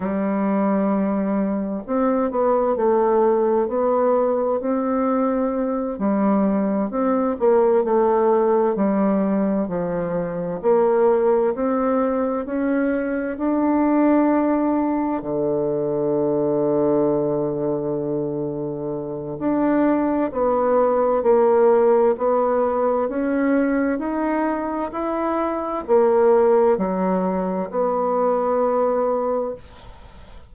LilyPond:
\new Staff \with { instrumentName = "bassoon" } { \time 4/4 \tempo 4 = 65 g2 c'8 b8 a4 | b4 c'4. g4 c'8 | ais8 a4 g4 f4 ais8~ | ais8 c'4 cis'4 d'4.~ |
d'8 d2.~ d8~ | d4 d'4 b4 ais4 | b4 cis'4 dis'4 e'4 | ais4 fis4 b2 | }